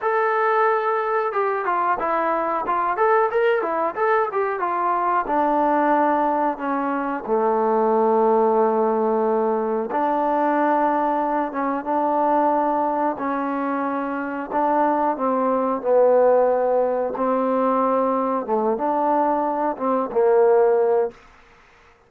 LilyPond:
\new Staff \with { instrumentName = "trombone" } { \time 4/4 \tempo 4 = 91 a'2 g'8 f'8 e'4 | f'8 a'8 ais'8 e'8 a'8 g'8 f'4 | d'2 cis'4 a4~ | a2. d'4~ |
d'4. cis'8 d'2 | cis'2 d'4 c'4 | b2 c'2 | a8 d'4. c'8 ais4. | }